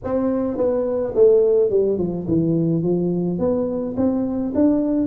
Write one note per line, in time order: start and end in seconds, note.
0.04 0.57 C4
0.57 1.13 B3
1.14 1.70 A3
1.70 1.98 G3
1.98 2.26 F3
2.28 2.82 E3
2.82 3.38 F3
3.38 3.95 B3
3.96 4.53 C4
4.54 5.07 D4